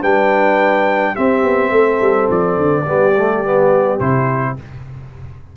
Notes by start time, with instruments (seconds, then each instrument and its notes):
0.00 tuba G3, trombone D4, horn B4, trumpet G5
1.15 trombone C4, tuba C4, horn G4, trumpet E5
1.43 tuba B3
1.70 tuba A3, horn A4
2.00 tuba G3
2.30 tuba F3, trumpet D5
2.57 tuba D3
2.83 tuba G3, trombone B3, horn G4
3.17 trombone A3
3.44 trombone B3
3.99 tuba C3, trombone E4, trumpet C5